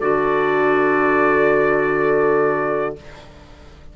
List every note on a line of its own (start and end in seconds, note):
0.00 2.95 D3
0.00 2.96 F#4
0.00 2.95 A4
0.00 2.95 D5